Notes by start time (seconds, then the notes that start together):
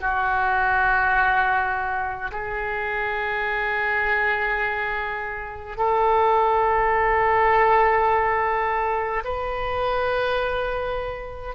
0.00 F#4
2.31 G#4
5.77 A4
9.24 B4